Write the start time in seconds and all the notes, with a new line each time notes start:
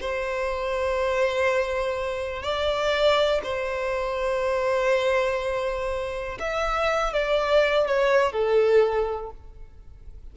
0.00 C5
2.43 D5
3.43 C5
6.39 E5
7.13 D5
7.87 C#5
8.32 A4